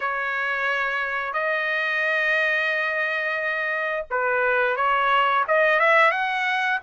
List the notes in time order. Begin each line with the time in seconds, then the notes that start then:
0.00 C#5
1.33 D#5
4.10 B4
4.76 C#5
5.47 D#5
5.79 E5
6.11 F#5